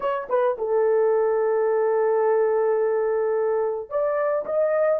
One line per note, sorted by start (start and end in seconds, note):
0.00 0.27 C#5
0.29 0.57 B4
0.57 3.89 A4
3.89 4.45 D5
4.45 5.00 D#5